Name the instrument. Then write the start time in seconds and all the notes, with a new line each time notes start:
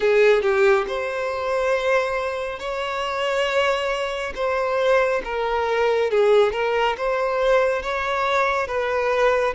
violin
0.00 G#4
0.42 G4
0.87 C5
2.59 C#5
4.35 C5
5.24 A#4
6.11 G#4
6.52 A#4
6.97 C5
7.82 C#5
8.67 B4